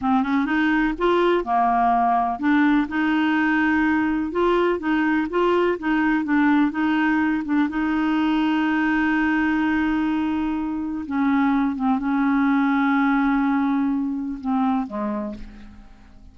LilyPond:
\new Staff \with { instrumentName = "clarinet" } { \time 4/4 \tempo 4 = 125 c'8 cis'8 dis'4 f'4 ais4~ | ais4 d'4 dis'2~ | dis'4 f'4 dis'4 f'4 | dis'4 d'4 dis'4. d'8 |
dis'1~ | dis'2. cis'4~ | cis'8 c'8 cis'2.~ | cis'2 c'4 gis4 | }